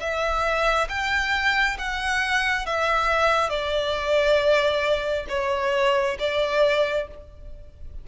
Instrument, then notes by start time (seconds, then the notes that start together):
violin
0.00 E5
0.89 G5
1.78 F#5
2.66 E5
3.50 D5
5.29 C#5
6.19 D5